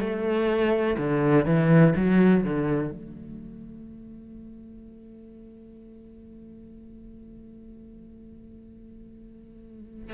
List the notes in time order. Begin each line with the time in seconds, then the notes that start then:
0.00 A3
0.98 D3
1.46 E3
1.96 F#3
2.44 D3
2.91 A3